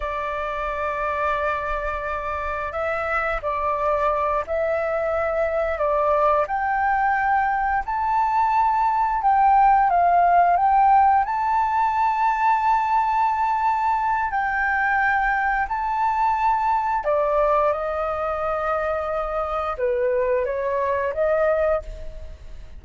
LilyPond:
\new Staff \with { instrumentName = "flute" } { \time 4/4 \tempo 4 = 88 d''1 | e''4 d''4. e''4.~ | e''8 d''4 g''2 a''8~ | a''4. g''4 f''4 g''8~ |
g''8 a''2.~ a''8~ | a''4 g''2 a''4~ | a''4 d''4 dis''2~ | dis''4 b'4 cis''4 dis''4 | }